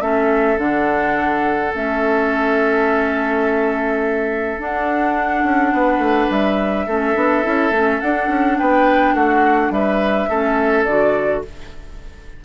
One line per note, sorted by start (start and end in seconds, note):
0.00 0.57 A3
0.00 0.57 C#4
0.00 5.73 A4
0.00 0.57 E5
0.57 1.72 D3
0.57 1.72 D4
0.57 1.73 F#5
1.74 4.58 A3
1.74 4.59 C#4
1.74 4.60 E5
4.58 5.43 D4
4.58 6.87 D4
4.58 6.31 F#5
5.43 5.72 C#4
5.72 5.98 B3
5.72 6.86 B4
5.98 6.26 A3
6.30 6.86 G3
6.30 8.00 E5
6.86 7.15 A3
6.86 7.14 C#4
6.86 8.57 A4
7.14 7.44 B3
7.14 7.43 D4
7.43 7.70 C#4
7.43 7.71 E4
7.70 7.99 A3
7.70 8.01 C#4
8.00 10.30 D4
8.00 8.28 D4
8.00 8.57 F#5
8.28 8.57 C#4
8.58 9.14 B3
8.58 9.14 B4
8.58 9.14 G5
9.14 9.70 A3
9.14 9.71 F#4
9.14 9.72 F#5
9.70 10.27 G3
9.70 10.29 B4
9.70 10.84 E5
10.29 10.86 A3
10.29 10.87 C#4
10.29 11.43 A4
10.84 11.43 D3
10.84 11.44 F#4
10.84 11.42 D5